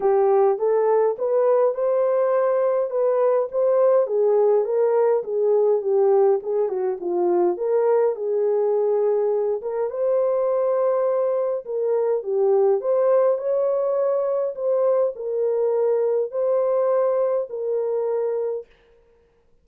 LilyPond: \new Staff \with { instrumentName = "horn" } { \time 4/4 \tempo 4 = 103 g'4 a'4 b'4 c''4~ | c''4 b'4 c''4 gis'4 | ais'4 gis'4 g'4 gis'8 fis'8 | f'4 ais'4 gis'2~ |
gis'8 ais'8 c''2. | ais'4 g'4 c''4 cis''4~ | cis''4 c''4 ais'2 | c''2 ais'2 | }